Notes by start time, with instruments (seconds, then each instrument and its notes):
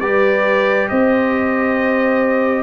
0.00 tuba G3, trombone G4, horn B4, trumpet D5
0.88 tuba C4, horn C5, trumpet D#5